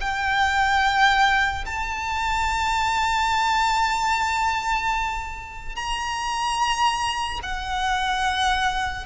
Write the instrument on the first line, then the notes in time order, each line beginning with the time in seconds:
violin
0.00 G5
1.66 A5
5.75 A#5
7.43 F#5